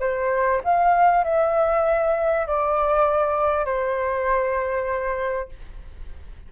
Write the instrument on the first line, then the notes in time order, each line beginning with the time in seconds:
flute
0.00 C5
0.64 F5
1.24 E5
2.47 D5
3.65 C5